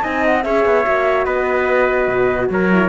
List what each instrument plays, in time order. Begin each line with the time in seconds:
0.00 cello C4, horn D#4, trumpet D#5, flute G#5
0.25 flute F#5
0.42 cello C#4, horn G#4, trumpet C#5, flute E5
0.65 cello B3
0.84 cello A#3, horn F#4
1.25 cello B3, trumpet B4, flute D#5
2.08 cello B2
2.49 cello F#3, trumpet A#4, flute C#5
2.71 horn E4